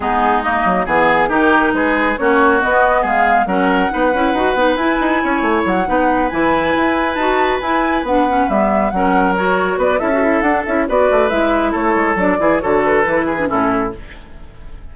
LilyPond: <<
  \new Staff \with { instrumentName = "flute" } { \time 4/4 \tempo 4 = 138 gis'4 dis''4 gis'4 ais'4 | b'4 cis''4 dis''4 f''4 | fis''2. gis''4~ | gis''4 fis''4. gis''4.~ |
gis''8 a''4 gis''4 fis''4 e''8~ | e''8 fis''4 cis''4 d''8 e''4 | fis''8 e''8 d''4 e''4 cis''4 | d''4 cis''8 b'4. a'4 | }
  \new Staff \with { instrumentName = "oboe" } { \time 4/4 dis'2 gis'4 g'4 | gis'4 fis'2 gis'4 | ais'4 b'2. | cis''4. b'2~ b'8~ |
b'1~ | b'8 ais'2 b'8 a'4~ | a'4 b'2 a'4~ | a'8 gis'8 a'4. gis'8 e'4 | }
  \new Staff \with { instrumentName = "clarinet" } { \time 4/4 b4 ais4 b4 dis'4~ | dis'4 cis'4 b2 | cis'4 dis'8 e'8 fis'8 dis'8 e'4~ | e'4. dis'4 e'4.~ |
e'8 fis'4 e'4 d'8 cis'8 b8~ | b8 cis'4 fis'4. e'16 fis'16 e'8 | d'8 e'8 fis'4 e'2 | d'8 e'8 fis'4 e'8. d'16 cis'4 | }
  \new Staff \with { instrumentName = "bassoon" } { \time 4/4 gis4. fis8 e4 dis4 | gis4 ais4 b4 gis4 | fis4 b8 cis'8 dis'8 b8 e'8 dis'8 | cis'8 a8 fis8 b4 e4 e'8~ |
e'8 dis'4 e'4 b4 g8~ | g8 fis2 b8 cis'4 | d'8 cis'8 b8 a8 gis4 a8 gis8 | fis8 e8 d4 e4 a,4 | }
>>